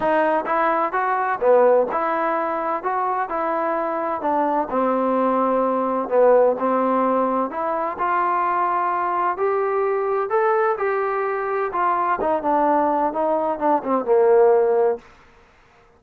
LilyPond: \new Staff \with { instrumentName = "trombone" } { \time 4/4 \tempo 4 = 128 dis'4 e'4 fis'4 b4 | e'2 fis'4 e'4~ | e'4 d'4 c'2~ | c'4 b4 c'2 |
e'4 f'2. | g'2 a'4 g'4~ | g'4 f'4 dis'8 d'4. | dis'4 d'8 c'8 ais2 | }